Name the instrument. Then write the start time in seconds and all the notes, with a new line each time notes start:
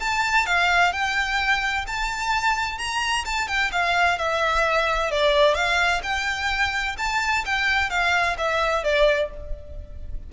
violin
0.00 A5
0.47 F5
0.93 G5
1.87 A5
2.78 A#5
3.25 A5
3.48 G5
3.72 F5
4.18 E5
5.11 D5
5.55 F5
6.03 G5
6.98 A5
7.46 G5
7.90 F5
8.38 E5
8.84 D5